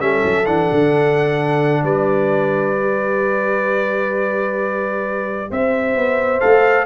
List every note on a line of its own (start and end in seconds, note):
0.00 0.23 G3
0.00 0.46 C#4
0.00 1.84 A4
0.00 0.46 E5
0.24 0.47 F#3
0.46 0.70 E3
0.46 2.75 D4
0.46 1.84 F#5
0.72 1.83 D3
1.83 5.50 G3
1.83 5.50 B4
1.83 5.51 D5
2.75 6.41 G4
5.51 5.96 C4
5.51 6.86 C5
5.51 6.40 E5
5.96 6.42 B3
6.40 6.86 A3
6.40 6.86 A4
6.40 6.86 F5